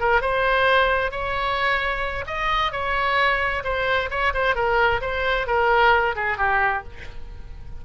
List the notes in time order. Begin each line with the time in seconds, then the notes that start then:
0.00 A#4
0.21 C5
1.11 C#5
2.27 D#5
2.72 C#5
3.64 C5
4.10 C#5
4.34 C5
4.55 A#4
5.01 C5
5.47 A#4
6.16 G#4
6.38 G4